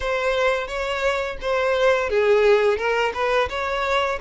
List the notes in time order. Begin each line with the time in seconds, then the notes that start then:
0.00 C5
0.67 C#5
1.41 C5
2.09 G#4
2.77 A#4
3.14 B4
3.49 C#5